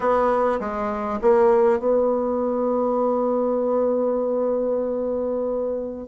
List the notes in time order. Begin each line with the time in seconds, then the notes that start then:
0.00 B3
0.60 G#3
1.21 A#3
1.79 B3